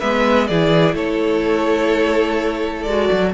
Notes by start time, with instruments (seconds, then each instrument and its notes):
0.00 cello G#3, viola B3, violin B4 E5
0.48 cello E3, viola E4, violin G#4 D5
0.95 cello A3, violin A4 C#5
2.83 cello G#3, violin D5
2.89 viola F#4
3.12 cello F#3